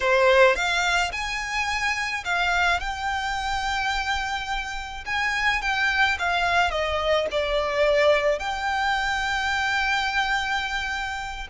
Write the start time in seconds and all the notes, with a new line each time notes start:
0.00 C5
0.55 F5
1.12 G#5
2.24 F5
2.80 G5
5.05 G#5
5.61 G5
6.18 F5
6.70 D#5
7.31 D5
8.39 G5